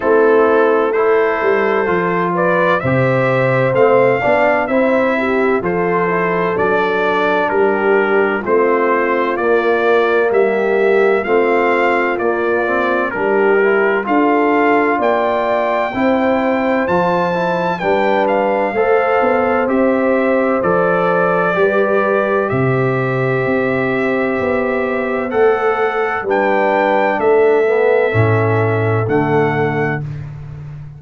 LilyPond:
<<
  \new Staff \with { instrumentName = "trumpet" } { \time 4/4 \tempo 4 = 64 a'4 c''4. d''8 e''4 | f''4 e''4 c''4 d''4 | ais'4 c''4 d''4 e''4 | f''4 d''4 ais'4 f''4 |
g''2 a''4 g''8 f''8~ | f''4 e''4 d''2 | e''2. fis''4 | g''4 e''2 fis''4 | }
  \new Staff \with { instrumentName = "horn" } { \time 4/4 e'4 a'4. b'8 c''4~ | c''8 d''8 c''8 g'8 a'2 | g'4 f'2 g'4 | f'2 g'4 a'4 |
d''4 c''2 b'4 | c''2. b'4 | c''1 | b'4 a'2. | }
  \new Staff \with { instrumentName = "trombone" } { \time 4/4 c'4 e'4 f'4 g'4 | c'8 d'8 e'4 f'8 e'8 d'4~ | d'4 c'4 ais2 | c'4 ais8 c'8 d'8 e'8 f'4~ |
f'4 e'4 f'8 e'8 d'4 | a'4 g'4 a'4 g'4~ | g'2. a'4 | d'4. b8 cis'4 a4 | }
  \new Staff \with { instrumentName = "tuba" } { \time 4/4 a4. g8 f4 c4 | a8 b8 c'4 f4 fis4 | g4 a4 ais4 g4 | a4 ais4 g4 d'4 |
ais4 c'4 f4 g4 | a8 b8 c'4 f4 g4 | c4 c'4 b4 a4 | g4 a4 a,4 d4 | }
>>